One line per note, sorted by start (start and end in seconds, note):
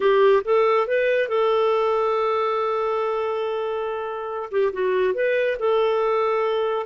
0.00 0.42 G4
0.44 0.87 A4
0.87 1.28 B4
1.28 4.49 A4
4.51 4.72 G4
4.72 5.14 F#4
5.14 5.57 B4
5.59 6.86 A4